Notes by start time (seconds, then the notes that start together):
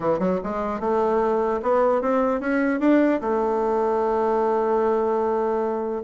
0.00 E3
0.19 F#3
0.43 G#3
0.80 A3
1.62 B3
2.01 C4
2.40 C#4
2.80 D4
3.20 A3